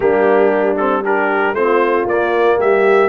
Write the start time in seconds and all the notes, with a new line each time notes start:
0.00 G3 A#3 D4 G4
0.76 C4 A4
1.03 D4 G4 A#4
1.52 A3 C4 F4 C5
2.05 A#3 D5
2.57 G3 G4 E5